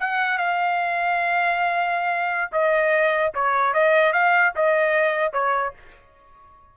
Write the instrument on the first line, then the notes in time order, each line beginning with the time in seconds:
trumpet
0.00 F#5
0.39 F5
2.52 D#5
3.35 C#5
3.74 D#5
4.13 F5
4.56 D#5
5.33 C#5